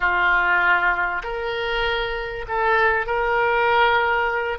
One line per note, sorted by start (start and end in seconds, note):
0.00 1.22 F4
1.23 2.45 A#4
2.47 3.06 A4
3.06 4.58 A#4